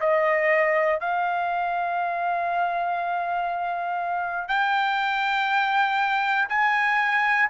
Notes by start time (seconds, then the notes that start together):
0.00 D#5
1.00 F5
4.48 G5
6.49 G#5